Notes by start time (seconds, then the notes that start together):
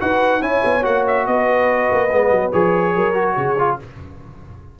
0.00 D#4 F#4 B4 F#5
0.41 C#4 E4 C#5 G#5
0.64 B3
0.82 A#3 F#4 F#5
1.07 E5
1.26 B3 B4 D#5
1.91 A#3
2.11 G#3 B3
2.30 F#3
2.52 F3 G#4 C#5
2.95 F#3 A#4
3.14 F#4
3.35 C#3 G#4
3.58 F4